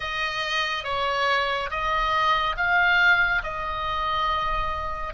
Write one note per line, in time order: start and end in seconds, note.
0.00 0.84 D#5
0.84 1.69 C#5
1.70 2.56 D#5
2.56 3.42 F5
3.43 5.14 D#5